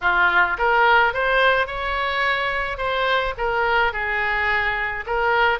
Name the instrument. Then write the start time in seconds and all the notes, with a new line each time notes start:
oboe
0.01 F4
0.58 A#4
1.13 C5
1.66 C#5
2.77 C5
3.37 A#4
3.92 G#4
5.06 A#4